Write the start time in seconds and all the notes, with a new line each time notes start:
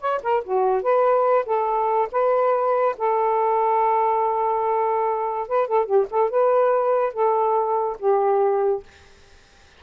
0.00 C#5
0.23 A#4
0.44 F#4
0.82 B4
1.46 A4
2.12 B4
2.98 A4
5.48 B4
5.68 A4
5.86 G4
6.10 A4
6.30 B4
7.13 A4
7.99 G4